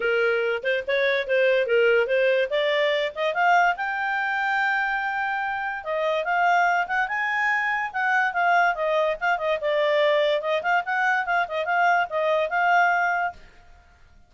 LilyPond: \new Staff \with { instrumentName = "clarinet" } { \time 4/4 \tempo 4 = 144 ais'4. c''8 cis''4 c''4 | ais'4 c''4 d''4. dis''8 | f''4 g''2.~ | g''2 dis''4 f''4~ |
f''8 fis''8 gis''2 fis''4 | f''4 dis''4 f''8 dis''8 d''4~ | d''4 dis''8 f''8 fis''4 f''8 dis''8 | f''4 dis''4 f''2 | }